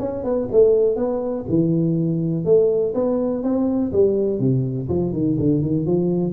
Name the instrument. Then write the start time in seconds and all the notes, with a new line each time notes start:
tuba
0.00 C#4
0.24 B3
0.52 A3
0.96 B3
1.49 E3
2.45 A3
2.95 B3
3.44 C4
3.93 G3
4.40 C3
4.89 F3
5.13 D#3
5.39 D3
5.63 D#3
5.86 F3